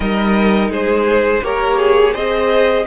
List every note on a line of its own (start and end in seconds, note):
0.00 0.69 G3
0.00 1.43 D#4
0.00 0.71 A#4
0.00 0.69 D#5
0.69 1.40 G#3
0.69 1.42 G#4
0.69 1.44 C5
1.43 2.14 A#3
1.43 2.14 G4
1.43 1.78 A#4
1.43 2.13 C#5
1.78 2.14 G#4
2.13 2.86 C4
2.13 2.85 G#4
2.13 2.85 C5
2.13 2.86 D#5